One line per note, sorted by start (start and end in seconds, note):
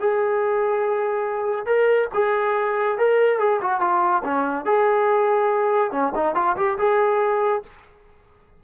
0.00 1.66 G#4
1.66 2.08 A#4
2.14 2.98 G#4
2.98 3.39 A#4
3.39 3.60 G#4
3.62 3.81 F#4
3.81 4.23 F4
4.24 4.66 C#4
4.66 5.92 G#4
5.92 6.13 C#4
6.15 6.36 D#4
6.36 6.57 F4
6.57 6.78 G4
6.79 7.63 G#4